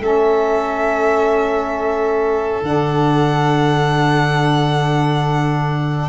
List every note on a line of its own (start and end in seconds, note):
0.00 2.61 A3
0.00 2.62 C#4
0.00 6.10 A4
0.00 2.64 E5
2.63 6.10 D3
2.63 6.10 D4
2.63 6.10 F#5